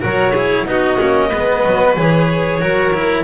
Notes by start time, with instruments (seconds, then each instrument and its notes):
0.00 double bass F#3, cello F#4, violin A#4, clarinet C#5
0.32 cello E4, violin G#4
0.66 double bass B3, cello D#4, violin F#4, clarinet D#5
0.99 double bass A#3, cello C#4
1.29 double bass G#3, cello B3, violin B4
1.66 double bass F#3
1.96 double bass E3, cello G#4, clarinet C#5
2.60 double bass F#3, cello F#4, violin A#4
2.93 cello E4